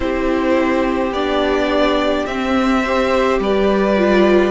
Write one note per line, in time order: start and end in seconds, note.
0.00 1.11 C4
0.00 1.13 E4
0.00 2.82 G4
0.00 1.13 C5
1.11 2.25 B3
1.11 2.28 D4
1.11 2.26 D5
2.26 3.39 C4
2.26 2.84 C4
2.26 3.39 E5
2.82 3.97 G4
2.82 3.39 C5
3.39 4.51 G3
3.39 4.51 B4
3.39 4.51 D5
3.97 4.51 F4